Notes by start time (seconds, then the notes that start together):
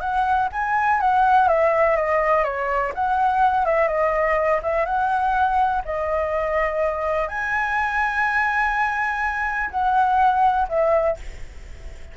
0.00 F#5
0.52 G#5
1.01 F#5
1.48 E5
1.96 D#5
2.44 C#5
2.95 F#5
3.66 E5
3.88 D#5
4.63 E5
4.85 F#5
5.85 D#5
7.28 G#5
9.71 F#5
10.68 E5